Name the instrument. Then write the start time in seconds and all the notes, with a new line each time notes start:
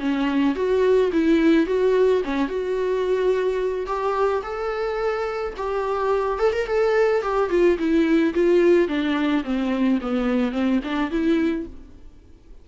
viola
0.00 C#4
0.56 F#4
1.13 E4
1.67 F#4
2.25 C#4
2.48 F#4
3.87 G4
4.43 A4
5.57 G4
6.39 A4
6.53 A#4
6.67 A4
7.22 G4
7.50 F4
7.79 E4
8.35 F4
8.89 D4
9.44 C4
10.02 B3
10.53 C4
10.84 D4
11.11 E4